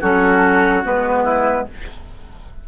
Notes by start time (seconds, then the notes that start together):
0.00 F#3 C#4 F#4 A4
0.83 G#3 B3 B4
1.23 E4